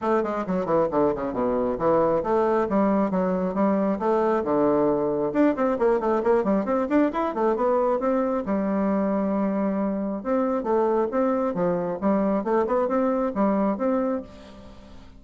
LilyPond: \new Staff \with { instrumentName = "bassoon" } { \time 4/4 \tempo 4 = 135 a8 gis8 fis8 e8 d8 cis8 b,4 | e4 a4 g4 fis4 | g4 a4 d2 | d'8 c'8 ais8 a8 ais8 g8 c'8 d'8 |
e'8 a8 b4 c'4 g4~ | g2. c'4 | a4 c'4 f4 g4 | a8 b8 c'4 g4 c'4 | }